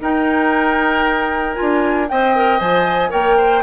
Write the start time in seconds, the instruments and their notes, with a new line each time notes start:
0.00 clarinet D#4, bassoon D#4, oboe A#4, flute G5
1.55 clarinet F4, flute G#5
1.61 bassoon D4
2.08 bassoon C4, clarinet C5, oboe D#5, flute G5
2.36 clarinet A#4
2.58 bassoon F3, clarinet C5, flute G#5
3.09 bassoon A#3, clarinet A#4, oboe C#5, flute G5
3.37 oboe C5